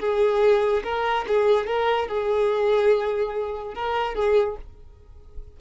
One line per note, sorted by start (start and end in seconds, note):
0.00 0.83 G#4
0.84 1.26 A#4
1.28 1.67 G#4
1.67 2.08 A#4
2.08 3.75 G#4
3.75 4.15 A#4
4.15 4.57 G#4